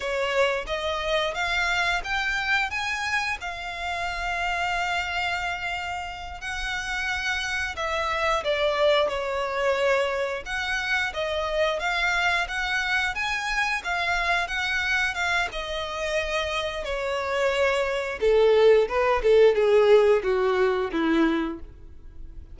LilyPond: \new Staff \with { instrumentName = "violin" } { \time 4/4 \tempo 4 = 89 cis''4 dis''4 f''4 g''4 | gis''4 f''2.~ | f''4. fis''2 e''8~ | e''8 d''4 cis''2 fis''8~ |
fis''8 dis''4 f''4 fis''4 gis''8~ | gis''8 f''4 fis''4 f''8 dis''4~ | dis''4 cis''2 a'4 | b'8 a'8 gis'4 fis'4 e'4 | }